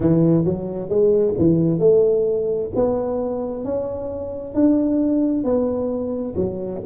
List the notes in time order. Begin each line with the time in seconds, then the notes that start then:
0.00 E3
0.45 F#3
0.88 G#3
1.38 E3
1.79 A3
2.75 B3
3.64 C#4
4.54 D4
5.43 B3
6.35 F#3